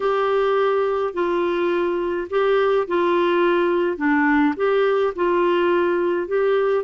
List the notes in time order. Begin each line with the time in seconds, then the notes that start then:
0.00 G4
1.13 F4
2.30 G4
2.87 F4
3.97 D4
4.56 G4
5.15 F4
6.27 G4